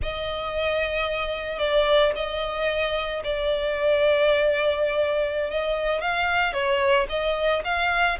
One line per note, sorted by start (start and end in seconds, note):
0.02 1.59 D#5
1.59 2.12 D5
2.15 3.22 D#5
3.24 5.50 D5
5.50 6.01 D#5
6.01 6.53 F5
6.53 7.06 C#5
7.09 7.62 D#5
7.64 8.17 F5